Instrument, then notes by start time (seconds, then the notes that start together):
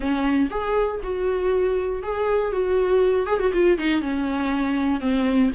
viola
0.00 C#4
0.50 G#4
1.03 F#4
2.02 G#4
2.52 F#4
3.26 G#4
3.39 F#4
3.53 F4
3.77 D#4
4.01 C#4
5.00 C4